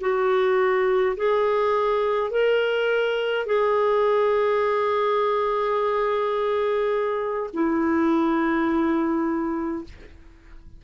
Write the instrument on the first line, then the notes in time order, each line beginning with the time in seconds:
clarinet
0.00 F#4
1.16 G#4
2.30 A#4
3.46 G#4
7.53 E4